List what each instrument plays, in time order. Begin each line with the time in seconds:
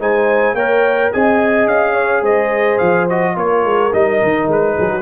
0.00 tuba G#3, trombone D#4, horn C5, trumpet G#5
0.54 tuba A#3, trombone A#4, horn C#5, trumpet G5
1.13 tuba C4, trombone G#4, horn D#5, trumpet G#5
1.66 tuba C#4, trumpet F5
1.94 horn C#5
2.22 tuba G#3, horn C5, trumpet D#5
2.78 tuba F3, trumpet F5
3.10 trombone F#4, trumpet D#5
3.35 tuba A#3, trombone F4, horn A#4, trumpet C#5
3.65 tuba G#3
3.93 tuba G3, trombone D#4, trumpet D#5
4.23 tuba D#3
4.48 tuba G#3, trumpet B4
4.76 tuba F#3, horn G#4
4.91 horn F#4